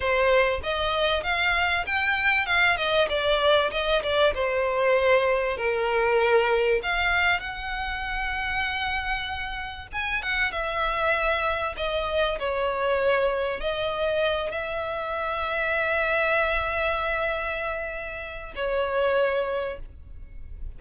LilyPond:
\new Staff \with { instrumentName = "violin" } { \time 4/4 \tempo 4 = 97 c''4 dis''4 f''4 g''4 | f''8 dis''8 d''4 dis''8 d''8 c''4~ | c''4 ais'2 f''4 | fis''1 |
gis''8 fis''8 e''2 dis''4 | cis''2 dis''4. e''8~ | e''1~ | e''2 cis''2 | }